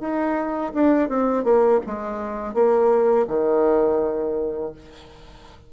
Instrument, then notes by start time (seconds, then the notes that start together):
bassoon
0.00 D#4
0.74 D4
1.09 C4
1.44 A#3
1.87 G#3
2.54 A#3
3.28 D#3